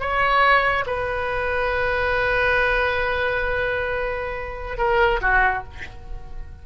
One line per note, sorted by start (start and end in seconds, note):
0.00 0.85 C#5
0.86 4.78 B4
4.78 5.21 A#4
5.21 5.64 F#4